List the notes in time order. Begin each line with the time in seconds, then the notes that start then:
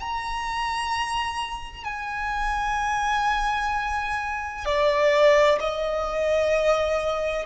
0.00 A#5
1.84 G#5
4.65 D5
5.60 D#5